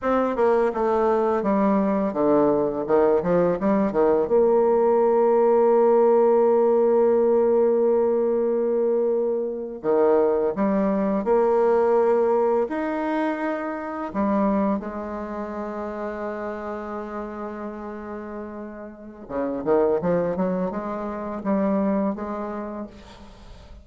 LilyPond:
\new Staff \with { instrumentName = "bassoon" } { \time 4/4 \tempo 4 = 84 c'8 ais8 a4 g4 d4 | dis8 f8 g8 dis8 ais2~ | ais1~ | ais4.~ ais16 dis4 g4 ais16~ |
ais4.~ ais16 dis'2 g16~ | g8. gis2.~ gis16~ | gis2. cis8 dis8 | f8 fis8 gis4 g4 gis4 | }